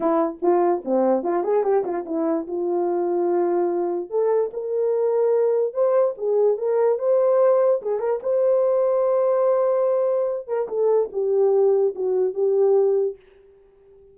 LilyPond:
\new Staff \with { instrumentName = "horn" } { \time 4/4 \tempo 4 = 146 e'4 f'4 c'4 f'8 gis'8 | g'8 f'8 e'4 f'2~ | f'2 a'4 ais'4~ | ais'2 c''4 gis'4 |
ais'4 c''2 gis'8 ais'8 | c''1~ | c''4. ais'8 a'4 g'4~ | g'4 fis'4 g'2 | }